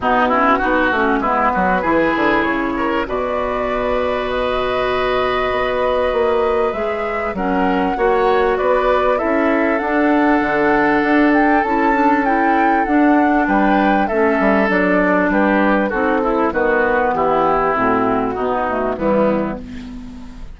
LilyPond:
<<
  \new Staff \with { instrumentName = "flute" } { \time 4/4 \tempo 4 = 98 fis'2 b'2 | cis''4 d''2 dis''4~ | dis''2. e''4 | fis''2 d''4 e''4 |
fis''2~ fis''8 g''8 a''4 | g''4 fis''4 g''4 e''4 | d''4 b'4 a'4 b'4 | g'4 fis'2 e'4 | }
  \new Staff \with { instrumentName = "oboe" } { \time 4/4 dis'8 e'8 fis'4 e'8 fis'8 gis'4~ | gis'8 ais'8 b'2.~ | b'1 | ais'4 cis''4 b'4 a'4~ |
a'1~ | a'2 b'4 a'4~ | a'4 g'4 fis'8 e'8 fis'4 | e'2 dis'4 b4 | }
  \new Staff \with { instrumentName = "clarinet" } { \time 4/4 b8 cis'8 dis'8 cis'8 b4 e'4~ | e'4 fis'2.~ | fis'2. gis'4 | cis'4 fis'2 e'4 |
d'2. e'8 d'8 | e'4 d'2 cis'4 | d'2 dis'8 e'8 b4~ | b4 c'4 b8 a8 g4 | }
  \new Staff \with { instrumentName = "bassoon" } { \time 4/4 b,4 b8 a8 gis8 fis8 e8 d8 | cis4 b,2.~ | b,4 b4 ais4 gis4 | fis4 ais4 b4 cis'4 |
d'4 d4 d'4 cis'4~ | cis'4 d'4 g4 a8 g8 | fis4 g4 c'4 dis4 | e4 a,4 b,4 e4 | }
>>